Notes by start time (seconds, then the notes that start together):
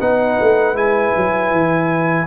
0.00 B3 D#4 B4 F#5
0.41 A3
0.73 G#3 E4 G#5
1.16 F#3
1.51 E3